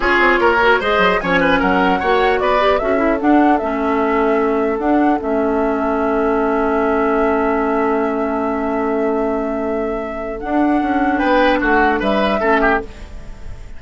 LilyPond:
<<
  \new Staff \with { instrumentName = "flute" } { \time 4/4 \tempo 4 = 150 cis''2 dis''4 gis''4 | fis''2 d''4 e''4 | fis''4 e''2. | fis''4 e''2.~ |
e''1~ | e''1~ | e''2 fis''2 | g''4 fis''4 e''2 | }
  \new Staff \with { instrumentName = "oboe" } { \time 4/4 gis'4 ais'4 c''4 cis''8 b'8 | ais'4 cis''4 b'4 a'4~ | a'1~ | a'1~ |
a'1~ | a'1~ | a'1 | b'4 fis'4 b'4 a'8 g'8 | }
  \new Staff \with { instrumentName = "clarinet" } { \time 4/4 f'4. fis'8 gis'4 cis'4~ | cis'4 fis'4. g'8 fis'8 e'8 | d'4 cis'2. | d'4 cis'2.~ |
cis'1~ | cis'1~ | cis'2 d'2~ | d'2. cis'4 | }
  \new Staff \with { instrumentName = "bassoon" } { \time 4/4 cis'8 c'8 ais4 gis8 fis8 f4 | fis4 ais4 b4 cis'4 | d'4 a2. | d'4 a2.~ |
a1~ | a1~ | a2 d'4 cis'4 | b4 a4 g4 a4 | }
>>